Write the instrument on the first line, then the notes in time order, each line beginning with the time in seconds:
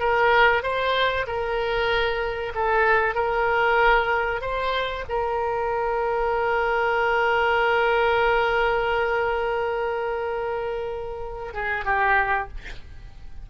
oboe
0.00 A#4
0.63 C5
1.27 A#4
2.55 A4
3.15 A#4
4.42 C5
5.09 A#4
11.54 G#4
11.85 G4